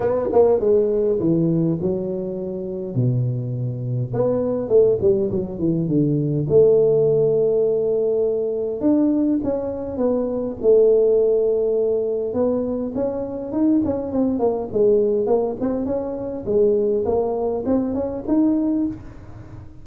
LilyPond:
\new Staff \with { instrumentName = "tuba" } { \time 4/4 \tempo 4 = 102 b8 ais8 gis4 e4 fis4~ | fis4 b,2 b4 | a8 g8 fis8 e8 d4 a4~ | a2. d'4 |
cis'4 b4 a2~ | a4 b4 cis'4 dis'8 cis'8 | c'8 ais8 gis4 ais8 c'8 cis'4 | gis4 ais4 c'8 cis'8 dis'4 | }